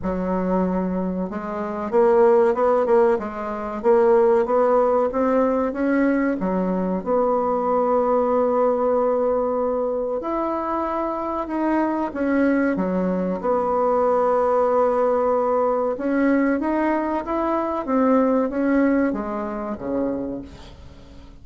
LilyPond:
\new Staff \with { instrumentName = "bassoon" } { \time 4/4 \tempo 4 = 94 fis2 gis4 ais4 | b8 ais8 gis4 ais4 b4 | c'4 cis'4 fis4 b4~ | b1 |
e'2 dis'4 cis'4 | fis4 b2.~ | b4 cis'4 dis'4 e'4 | c'4 cis'4 gis4 cis4 | }